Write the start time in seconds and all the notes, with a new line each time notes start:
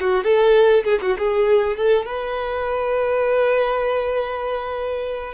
0.00 F#4
0.24 A4
0.84 G#4
1.02 F#4
1.18 G#4
1.77 A4
2.05 B4